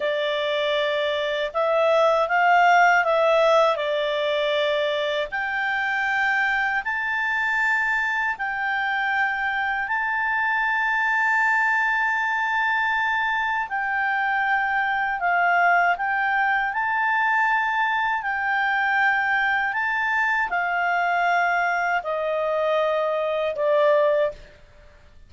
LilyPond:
\new Staff \with { instrumentName = "clarinet" } { \time 4/4 \tempo 4 = 79 d''2 e''4 f''4 | e''4 d''2 g''4~ | g''4 a''2 g''4~ | g''4 a''2.~ |
a''2 g''2 | f''4 g''4 a''2 | g''2 a''4 f''4~ | f''4 dis''2 d''4 | }